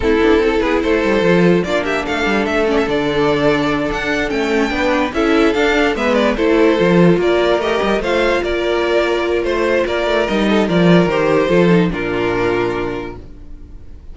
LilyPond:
<<
  \new Staff \with { instrumentName = "violin" } { \time 4/4 \tempo 4 = 146 a'4. b'8 c''2 | d''8 e''8 f''4 e''8 d''16 e''16 d''4~ | d''4. fis''4 g''4.~ | g''8 e''4 f''4 e''8 d''8 c''8~ |
c''4. d''4 dis''4 f''8~ | f''8 d''2~ d''8 c''4 | d''4 dis''4 d''4 c''4~ | c''4 ais'2. | }
  \new Staff \with { instrumentName = "violin" } { \time 4/4 e'4 a'8 gis'8 a'2 | f'8 g'8 a'2.~ | a'2.~ a'8 b'8~ | b'8 a'2 b'4 a'8~ |
a'4. ais'2 c''8~ | c''8 ais'2~ ais'8 c''4 | ais'4. a'8 ais'2 | a'4 f'2. | }
  \new Staff \with { instrumentName = "viola" } { \time 4/4 c'8 d'8 e'2 f'4 | d'2~ d'8 cis'8 d'4~ | d'2~ d'8 cis'4 d'8~ | d'8 e'4 d'4 b4 e'8~ |
e'8 f'2 g'4 f'8~ | f'1~ | f'4 dis'4 f'4 g'4 | f'8 dis'8 d'2. | }
  \new Staff \with { instrumentName = "cello" } { \time 4/4 a8 b8 c'8 b8 a8 g8 f4 | ais4 a8 g8 a4 d4~ | d4. d'4 a4 b8~ | b8 cis'4 d'4 gis4 a8~ |
a8 f4 ais4 a8 g8 a8~ | a8 ais2~ ais8 a4 | ais8 a8 g4 f4 dis4 | f4 ais,2. | }
>>